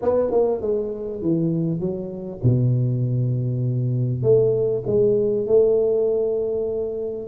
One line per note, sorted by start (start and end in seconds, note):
0.02 0.30 B3
0.30 0.61 A#3
0.61 1.21 G#3
1.21 1.79 E3
1.79 2.40 F#3
2.43 4.22 B2
4.22 4.83 A3
4.86 5.46 G#3
5.46 7.27 A3